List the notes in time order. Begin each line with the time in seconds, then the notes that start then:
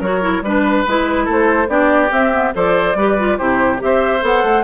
0.00 F#3 F#4 A#4 C#5
0.22 E4
0.42 G3 D4 B4
0.88 G#3 E4
1.25 A3 A4
1.32 C5
1.68 B3 D4 G4 D5
2.10 C4 E5
2.33 B3
2.54 F3 A4 C5 D5
2.95 G3 G4 B4
3.19 F4
3.38 C3 E4 G4 C5
3.79 C4 G4 E5
3.85 C5
4.22 B3 A4 F#5
4.44 A3